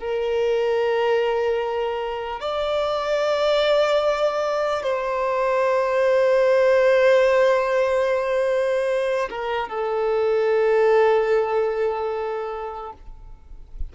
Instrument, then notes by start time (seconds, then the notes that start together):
violin
0.00 A#4
2.40 D5
4.84 C5
9.30 A#4
9.69 A4